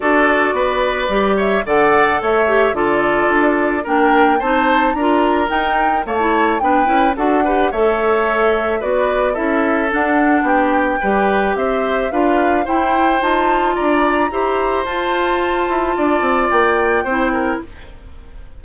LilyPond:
<<
  \new Staff \with { instrumentName = "flute" } { \time 4/4 \tempo 4 = 109 d''2~ d''8 e''8 fis''4 | e''4 d''2 g''4 | a''4 ais''4 g''4 a''4 | g''4 fis''4 e''2 |
d''4 e''4 fis''4 g''4~ | g''4 e''4 f''4 g''4 | a''4 ais''2 a''4~ | a''2 g''2 | }
  \new Staff \with { instrumentName = "oboe" } { \time 4/4 a'4 b'4. cis''8 d''4 | cis''4 a'2 ais'4 | c''4 ais'2 cis''4 | b'4 a'8 b'8 cis''2 |
b'4 a'2 g'4 | b'4 c''4 b'4 c''4~ | c''4 d''4 c''2~ | c''4 d''2 c''8 ais'8 | }
  \new Staff \with { instrumentName = "clarinet" } { \time 4/4 fis'2 g'4 a'4~ | a'8 g'8 f'2 d'4 | dis'4 f'4 dis'4 ais16 e'8. | d'8 e'8 fis'8 g'8 a'2 |
fis'4 e'4 d'2 | g'2 f'4 e'4 | f'2 g'4 f'4~ | f'2. e'4 | }
  \new Staff \with { instrumentName = "bassoon" } { \time 4/4 d'4 b4 g4 d4 | a4 d4 d'4 ais4 | c'4 d'4 dis'4 a4 | b8 cis'8 d'4 a2 |
b4 cis'4 d'4 b4 | g4 c'4 d'4 e'4 | dis'4 d'4 e'4 f'4~ | f'8 e'8 d'8 c'8 ais4 c'4 | }
>>